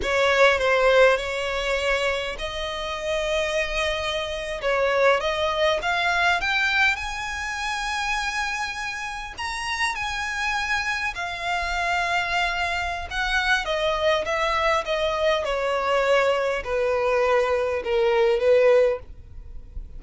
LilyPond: \new Staff \with { instrumentName = "violin" } { \time 4/4 \tempo 4 = 101 cis''4 c''4 cis''2 | dis''2.~ dis''8. cis''16~ | cis''8. dis''4 f''4 g''4 gis''16~ | gis''2.~ gis''8. ais''16~ |
ais''8. gis''2 f''4~ f''16~ | f''2 fis''4 dis''4 | e''4 dis''4 cis''2 | b'2 ais'4 b'4 | }